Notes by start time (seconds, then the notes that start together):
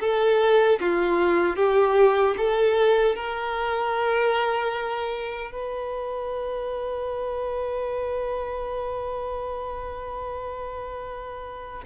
0.00 A4
0.80 F4
1.56 G4
2.37 A4
3.15 A#4
5.51 B4